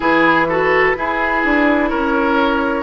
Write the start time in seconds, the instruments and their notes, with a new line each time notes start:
0.00 bassoon E3, clarinet E4, oboe G#4, flute B4
0.48 clarinet F#4, oboe A4
0.95 clarinet E4, bassoon E4, oboe G#4
1.44 bassoon D4
1.89 bassoon C#4, oboe A#4, flute C#5